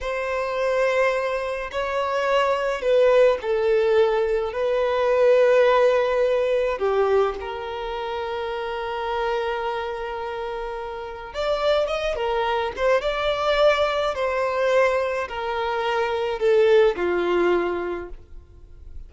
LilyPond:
\new Staff \with { instrumentName = "violin" } { \time 4/4 \tempo 4 = 106 c''2. cis''4~ | cis''4 b'4 a'2 | b'1 | g'4 ais'2.~ |
ais'1 | d''4 dis''8 ais'4 c''8 d''4~ | d''4 c''2 ais'4~ | ais'4 a'4 f'2 | }